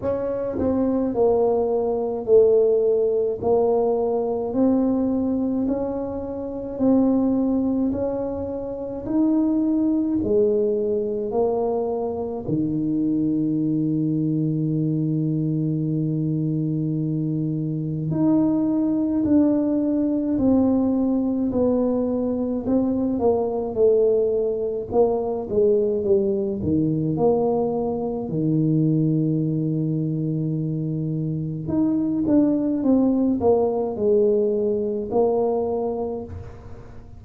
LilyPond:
\new Staff \with { instrumentName = "tuba" } { \time 4/4 \tempo 4 = 53 cis'8 c'8 ais4 a4 ais4 | c'4 cis'4 c'4 cis'4 | dis'4 gis4 ais4 dis4~ | dis1 |
dis'4 d'4 c'4 b4 | c'8 ais8 a4 ais8 gis8 g8 dis8 | ais4 dis2. | dis'8 d'8 c'8 ais8 gis4 ais4 | }